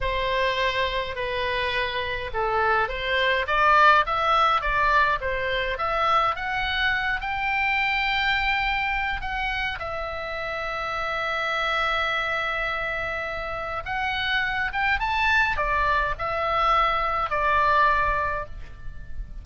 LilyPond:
\new Staff \with { instrumentName = "oboe" } { \time 4/4 \tempo 4 = 104 c''2 b'2 | a'4 c''4 d''4 e''4 | d''4 c''4 e''4 fis''4~ | fis''8 g''2.~ g''8 |
fis''4 e''2.~ | e''1 | fis''4. g''8 a''4 d''4 | e''2 d''2 | }